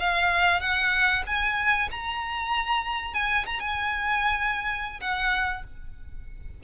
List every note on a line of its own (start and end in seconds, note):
0.00 0.61 F5
0.61 1.24 F#5
1.27 1.89 G#5
1.91 3.14 A#5
3.14 3.45 G#5
3.46 3.60 A#5
3.60 5.01 G#5
5.01 5.64 F#5